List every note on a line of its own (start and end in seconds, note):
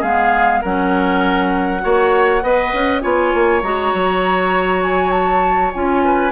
0.00 0.62 G#3
0.00 0.64 B3
0.00 0.60 G#4
0.00 0.62 F5
0.61 1.84 F#3
0.61 1.80 C#4
0.61 1.81 A#4
0.61 3.00 F#5
1.80 2.42 A#3
1.80 2.40 F#4
1.80 2.43 C#5
2.42 2.72 B3
2.42 3.01 B4
2.42 3.02 D#5
2.73 3.02 C#4
3.00 3.33 B3
3.00 3.61 F4
3.00 6.02 C#5
3.00 3.60 G#5
3.34 3.62 A#3
3.62 3.92 G#3
3.62 5.73 F#4
3.62 4.82 A#5
3.93 5.73 F#3
4.82 5.11 G#5
5.11 5.71 A5
5.73 6.31 C#4
5.73 6.31 F4
5.73 6.31 G#5
6.04 6.31 B4